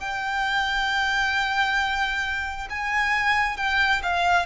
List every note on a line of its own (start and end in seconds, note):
0.00 2.69 G5
2.70 3.57 G#5
3.57 4.02 G5
4.03 4.46 F5